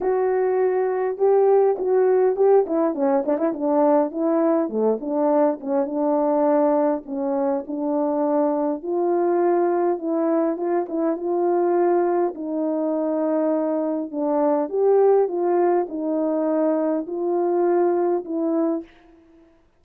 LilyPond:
\new Staff \with { instrumentName = "horn" } { \time 4/4 \tempo 4 = 102 fis'2 g'4 fis'4 | g'8 e'8 cis'8 d'16 e'16 d'4 e'4 | a8 d'4 cis'8 d'2 | cis'4 d'2 f'4~ |
f'4 e'4 f'8 e'8 f'4~ | f'4 dis'2. | d'4 g'4 f'4 dis'4~ | dis'4 f'2 e'4 | }